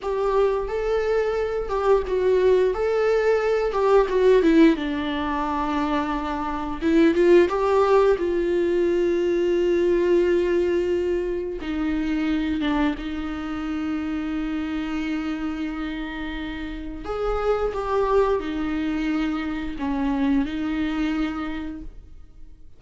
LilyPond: \new Staff \with { instrumentName = "viola" } { \time 4/4 \tempo 4 = 88 g'4 a'4. g'8 fis'4 | a'4. g'8 fis'8 e'8 d'4~ | d'2 e'8 f'8 g'4 | f'1~ |
f'4 dis'4. d'8 dis'4~ | dis'1~ | dis'4 gis'4 g'4 dis'4~ | dis'4 cis'4 dis'2 | }